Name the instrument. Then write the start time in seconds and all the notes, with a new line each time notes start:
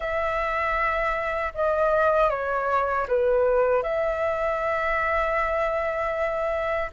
flute
0.00 E5
1.54 D#5
2.30 C#5
3.08 B4
3.83 E5